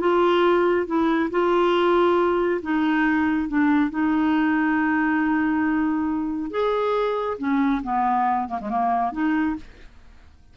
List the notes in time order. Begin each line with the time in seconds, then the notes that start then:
0.00 F4
0.86 E4
1.30 F4
2.62 D#4
3.48 D4
3.90 D#4
6.50 G#4
7.38 C#4
7.83 B3
8.48 A#3
8.60 G#3
8.69 A#3
9.12 D#4